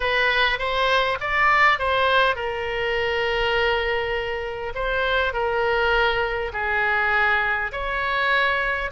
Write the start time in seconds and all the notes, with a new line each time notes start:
0.00 B4
0.58 C5
1.20 D5
1.78 C5
2.35 A#4
4.74 C5
5.33 A#4
6.52 G#4
7.72 C#5